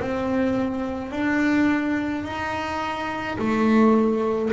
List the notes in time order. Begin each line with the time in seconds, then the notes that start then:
0.00 C4
1.11 D4
2.24 D#4
3.39 A3